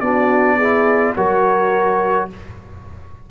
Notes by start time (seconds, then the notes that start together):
0.00 B3 D4 F#4 D5
0.57 E4 G#4
1.16 F#3 F#4 A#4 C#5